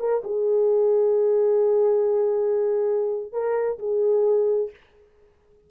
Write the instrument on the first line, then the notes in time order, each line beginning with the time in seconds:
horn
0.00 A#4
0.24 G#4
3.33 A#4
3.79 G#4